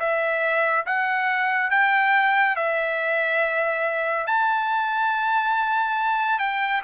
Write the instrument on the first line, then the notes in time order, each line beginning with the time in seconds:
trumpet
0.00 E5
0.86 F#5
1.71 G5
2.56 E5
4.27 A5
6.39 G5